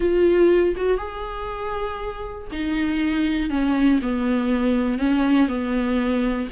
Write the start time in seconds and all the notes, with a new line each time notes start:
0.00 F4
0.76 F#4
0.97 G#4
2.51 D#4
3.50 C#4
4.02 B3
4.98 C#4
5.48 B3